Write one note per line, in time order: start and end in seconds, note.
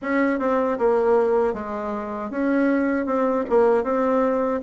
0.01 0.39 C#4
0.39 0.77 C4
0.78 1.53 A#3
1.53 2.30 G#3
2.30 3.06 C#4
3.06 3.44 C4
3.49 3.83 A#3
3.83 4.60 C4